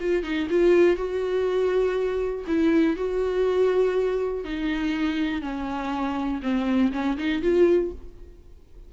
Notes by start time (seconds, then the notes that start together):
0.00 F4
0.23 D#4
0.50 F4
0.96 F#4
2.47 E4
2.96 F#4
4.44 D#4
5.42 C#4
6.42 C4
6.92 C#4
7.17 D#4
7.42 F4